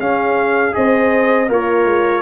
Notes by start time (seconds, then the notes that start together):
0.00 C#4 G#4 F5
0.72 C4 G#4 C5 D#5
1.49 A#3 F4 A#4 C#5
1.86 G#3